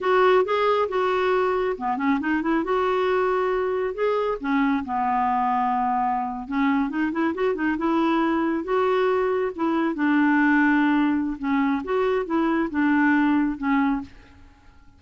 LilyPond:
\new Staff \with { instrumentName = "clarinet" } { \time 4/4 \tempo 4 = 137 fis'4 gis'4 fis'2 | b8 cis'8 dis'8 e'8 fis'2~ | fis'4 gis'4 cis'4 b4~ | b2~ b8. cis'4 dis'16~ |
dis'16 e'8 fis'8 dis'8 e'2 fis'16~ | fis'4.~ fis'16 e'4 d'4~ d'16~ | d'2 cis'4 fis'4 | e'4 d'2 cis'4 | }